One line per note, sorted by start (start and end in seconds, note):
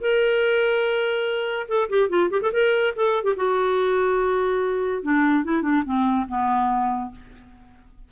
0.00 1.67 A#4
1.68 1.89 A4
1.89 2.09 G4
2.09 2.30 F4
2.30 2.41 G4
2.42 2.52 A4
2.52 2.94 A#4
2.95 3.24 A4
3.24 3.34 G4
3.36 5.02 F#4
5.02 5.44 D4
5.44 5.62 E4
5.62 5.83 D4
5.84 6.26 C4
6.28 7.11 B3